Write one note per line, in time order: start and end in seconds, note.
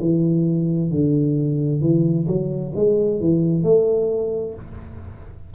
0.00 0.91 E3
0.91 1.81 D3
1.81 2.27 E3
2.28 2.73 F#3
2.75 3.21 G#3
3.21 3.64 E3
3.64 4.55 A3